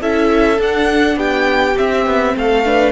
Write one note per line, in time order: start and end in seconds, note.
0.00 0.59 C#4
0.00 0.57 E4
0.00 1.17 A4
0.00 0.61 E5
0.57 1.75 D4
0.57 1.16 D4
0.57 1.19 F#5
1.16 1.75 B3
1.16 2.35 G4
1.16 1.77 G5
1.76 2.64 C4
1.76 2.05 C4
1.76 2.36 E5
2.05 2.35 B3
2.35 2.92 A3
2.35 2.65 A4
2.35 2.92 F5
2.64 2.92 D4
2.64 2.92 B4